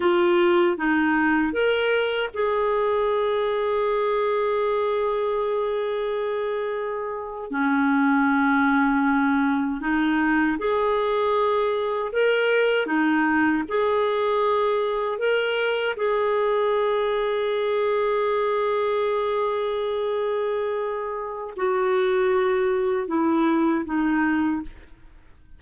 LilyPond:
\new Staff \with { instrumentName = "clarinet" } { \time 4/4 \tempo 4 = 78 f'4 dis'4 ais'4 gis'4~ | gis'1~ | gis'4.~ gis'16 cis'2~ cis'16~ | cis'8. dis'4 gis'2 ais'16~ |
ais'8. dis'4 gis'2 ais'16~ | ais'8. gis'2.~ gis'16~ | gis'1 | fis'2 e'4 dis'4 | }